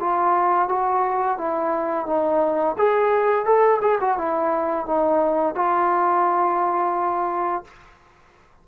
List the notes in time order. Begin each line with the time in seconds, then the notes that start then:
0.00 F4
0.69 F#4
1.38 E4
2.06 D#4
2.78 G#4
3.46 A4
3.82 G#4
4.01 F#4
4.18 E4
4.86 D#4
5.55 F4